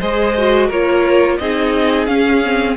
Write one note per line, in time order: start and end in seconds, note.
0.00 0.70 G#3
0.00 0.36 G#4
0.00 0.67 C5
0.00 0.70 D#5
0.38 0.72 F#4
0.67 1.39 A#3
0.67 1.41 F4
0.67 1.36 A#4
0.67 1.38 C#5
1.38 2.07 C4
1.38 2.07 D#4
1.38 2.77 G#4
1.38 2.06 D#5
2.06 2.76 C#4
2.06 2.42 C#4
2.06 2.75 F5
2.45 2.77 C4